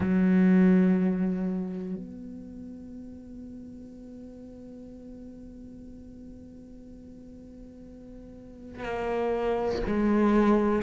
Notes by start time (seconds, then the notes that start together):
0.00 F#3
1.95 B3
8.83 A#3
9.87 G#3